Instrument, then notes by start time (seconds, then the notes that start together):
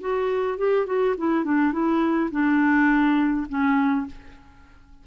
clarinet
0.00 F#4
0.58 G4
0.86 F#4
1.17 E4
1.44 D4
1.72 E4
2.31 D4
3.49 C#4